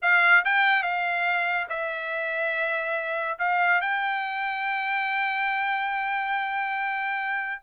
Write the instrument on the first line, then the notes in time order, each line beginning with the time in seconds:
trumpet
0.02 F5
0.44 G5
0.82 F5
1.69 E5
3.38 F5
3.81 G5